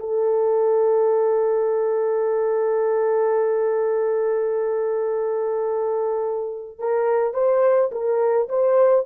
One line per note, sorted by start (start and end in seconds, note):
0.00 6.79 A4
6.79 7.34 A#4
7.34 7.90 C5
7.92 8.49 A#4
8.49 9.06 C5